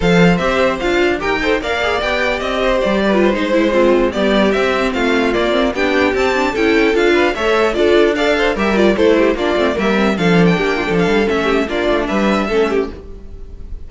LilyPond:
<<
  \new Staff \with { instrumentName = "violin" } { \time 4/4 \tempo 4 = 149 f''4 e''4 f''4 g''4 | f''4 g''4 dis''4 d''4 | c''2~ c''16 d''4 e''8.~ | e''16 f''4 d''4 g''4 a''8.~ |
a''16 g''4 f''4 e''4 d''8.~ | d''16 f''4 e''8 d''8 c''4 d''8.~ | d''16 e''4 f''8. g''4~ g''16 f''8. | e''4 d''4 e''2 | }
  \new Staff \with { instrumentName = "violin" } { \time 4/4 c''2. ais'8 c''8 | d''2~ d''8 c''4 b'8~ | b'16 c''4 c'4 g'4.~ g'16~ | g'16 f'2 g'4.~ g'16~ |
g'16 a'4. b'8 cis''4 a'8.~ | a'16 d''8 c''8 ais'4 a'8 g'8 f'8.~ | f'16 ais'4 a'4 g'8 f'16 a'4~ | a'8 g'8 f'4 b'4 a'8 g'8 | }
  \new Staff \with { instrumentName = "viola" } { \time 4/4 a'4 g'4 f'4 g'8 a'8 | ais'8 gis'8 g'2~ g'8. f'16~ | f'16 dis'8 e'8 f'4 b4 c'8.~ | c'4~ c'16 ais8 c'8 d'4 c'8 d'16~ |
d'16 e'4 f'4 a'4 f'8.~ | f'16 a'4 g'8 f'8 e'4 d'8 c'16~ | c'16 ais8 c'8 d'2~ d'8. | cis'4 d'2 cis'4 | }
  \new Staff \with { instrumentName = "cello" } { \time 4/4 f4 c'4 d'4 dis'4 | ais4 b4 c'4 g4~ | g16 gis2 g4 c'8.~ | c'16 a4 ais4 b4 c'8.~ |
c'16 cis'4 d'4 a4 d'8.~ | d'4~ d'16 g4 a4 ais8 a16~ | a16 g4 f4 ais8. f8 g8 | a4 ais8 a8 g4 a4 | }
>>